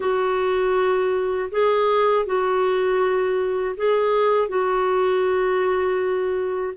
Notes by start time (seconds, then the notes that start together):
0.00 F#4
1.51 G#4
2.25 F#4
3.77 G#4
4.48 F#4